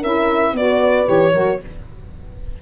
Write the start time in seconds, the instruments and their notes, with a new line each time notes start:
0.00 tuba C#4, saxophone E4, horn A#4, violin E5
0.52 tuba B3, saxophone F#4, horn B4, violin D5
1.05 tuba E3, saxophone G4, violin C#5
1.33 tuba F#3, saxophone F#4, horn A#4